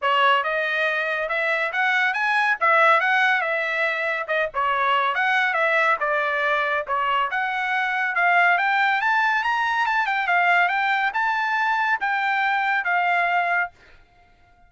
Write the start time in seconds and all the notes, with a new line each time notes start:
0.01 C#5
0.43 D#5
1.29 E5
1.72 F#5
2.13 G#5
2.60 E5
3.00 F#5
3.41 E5
4.27 D#5
4.54 C#5
5.14 F#5
5.53 E5
5.99 D5
6.87 C#5
7.30 F#5
8.15 F5
8.58 G5
9.01 A5
9.43 A#5
9.86 A5
10.06 G5
10.27 F5
10.68 G5
11.13 A5
12.00 G5
12.84 F5